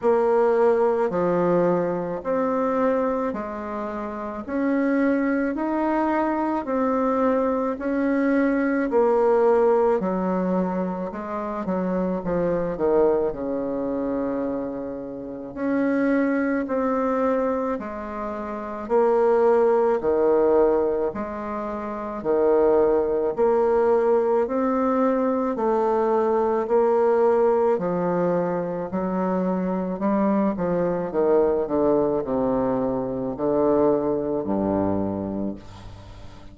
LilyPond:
\new Staff \with { instrumentName = "bassoon" } { \time 4/4 \tempo 4 = 54 ais4 f4 c'4 gis4 | cis'4 dis'4 c'4 cis'4 | ais4 fis4 gis8 fis8 f8 dis8 | cis2 cis'4 c'4 |
gis4 ais4 dis4 gis4 | dis4 ais4 c'4 a4 | ais4 f4 fis4 g8 f8 | dis8 d8 c4 d4 g,4 | }